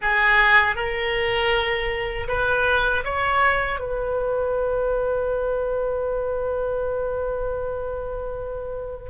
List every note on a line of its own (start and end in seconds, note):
0.01 0.75 G#4
0.75 2.27 A#4
2.28 3.03 B4
3.04 3.79 C#5
3.79 9.09 B4